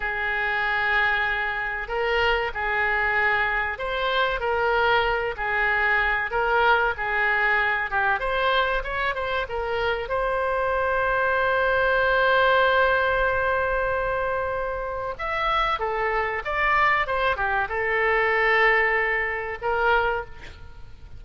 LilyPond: \new Staff \with { instrumentName = "oboe" } { \time 4/4 \tempo 4 = 95 gis'2. ais'4 | gis'2 c''4 ais'4~ | ais'8 gis'4. ais'4 gis'4~ | gis'8 g'8 c''4 cis''8 c''8 ais'4 |
c''1~ | c''1 | e''4 a'4 d''4 c''8 g'8 | a'2. ais'4 | }